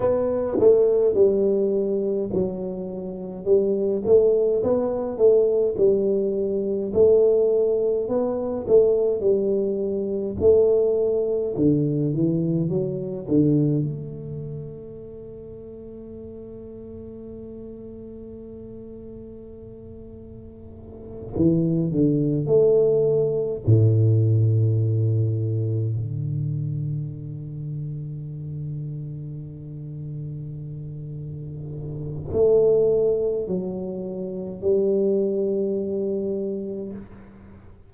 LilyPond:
\new Staff \with { instrumentName = "tuba" } { \time 4/4 \tempo 4 = 52 b8 a8 g4 fis4 g8 a8 | b8 a8 g4 a4 b8 a8 | g4 a4 d8 e8 fis8 d8 | a1~ |
a2~ a8 e8 d8 a8~ | a8 a,2 d4.~ | d1 | a4 fis4 g2 | }